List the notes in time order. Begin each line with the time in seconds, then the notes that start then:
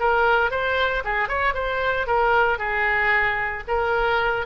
0.00 A#4
0.51 C5
1.05 G#4
1.29 C#5
1.54 C5
2.07 A#4
2.59 G#4
3.68 A#4